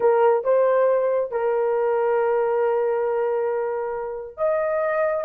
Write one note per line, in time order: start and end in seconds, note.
0.00 0.44 A#4
0.44 1.31 C5
1.31 4.37 A#4
4.37 5.24 D#5